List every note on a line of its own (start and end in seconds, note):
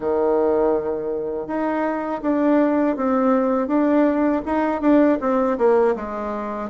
0.00 1.46 D#3
1.46 2.21 D#4
2.22 2.96 D4
2.96 3.67 C4
3.67 4.41 D4
4.45 4.81 D#4
4.81 5.18 D4
5.20 5.57 C4
5.58 5.95 A#3
5.95 6.69 G#3